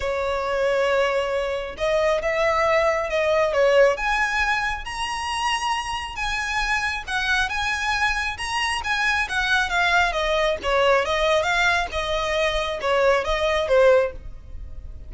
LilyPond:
\new Staff \with { instrumentName = "violin" } { \time 4/4 \tempo 4 = 136 cis''1 | dis''4 e''2 dis''4 | cis''4 gis''2 ais''4~ | ais''2 gis''2 |
fis''4 gis''2 ais''4 | gis''4 fis''4 f''4 dis''4 | cis''4 dis''4 f''4 dis''4~ | dis''4 cis''4 dis''4 c''4 | }